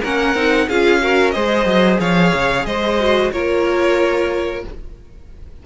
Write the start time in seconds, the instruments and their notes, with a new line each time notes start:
0.00 cello A#3, viola C#4, violin A#4 F#5
0.34 cello C4, viola D#4
0.68 cello C#4, viola F4, violin G#4 F5
1.01 viola F#4, violin A#4
1.30 cello G#3, viola G#4, violin C5 D#5
1.65 cello F#3
1.99 cello F3, violin C#5 F5
2.34 cello C#3
2.65 cello G#3, violin C5 D#5
2.99 viola F#4
3.31 cello A#3, viola F4, violin A#4 C#5